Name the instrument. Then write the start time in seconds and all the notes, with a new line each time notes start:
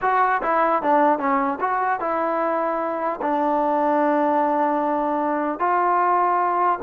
trombone
0.01 F#4
0.42 E4
0.82 D4
1.19 C#4
1.60 F#4
1.99 E4
3.21 D4
5.59 F4